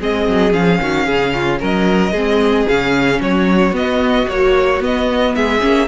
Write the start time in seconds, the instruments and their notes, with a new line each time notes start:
0.00 cello G#3, viola C4, violin G#4 D#5
0.27 cello F#3
0.52 cello F3, viola C#4, violin F5
0.81 cello D#3, violin F#4
1.06 cello C#3, violin G#4
1.34 violin F4
1.59 cello F#3, violin A#4 D#5
2.12 cello G#3, viola C4, violin G#4
2.68 cello C#3, viola C#4, violin F5
3.21 cello F#3, violin F#4 C#5
3.72 cello B3, viola B3, violin D#5
4.28 viola F#3, cello A#3, violin C#5
4.80 viola B3, cello B3, violin D#5
5.35 cello G#3, violin G#4 E5
5.60 cello A#3, viola C#4